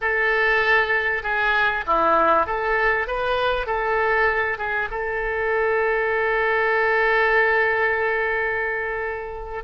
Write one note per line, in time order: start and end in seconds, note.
0.01 1.22 A4
1.22 1.84 G#4
1.86 2.46 E4
2.46 3.07 A4
3.07 3.66 B4
3.66 4.58 A4
4.58 4.88 G#4
4.90 9.64 A4